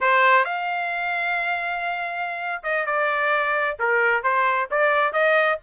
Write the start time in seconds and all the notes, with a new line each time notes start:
0.00 C5
0.45 F5
2.63 D#5
2.86 D5
3.79 A#4
4.23 C5
4.71 D5
5.12 D#5